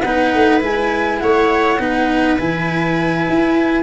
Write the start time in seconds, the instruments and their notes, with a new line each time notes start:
0.00 tuba B3, cello D#4, viola B4, flute F#5
0.34 tuba A3
0.60 tuba G#3, cello E4, flute G#5
1.19 tuba A3, viola C#5, flute F#5
1.79 tuba B3, cello D#4, viola B4
2.38 tuba E3, cello E4, flute G#5
3.29 tuba E4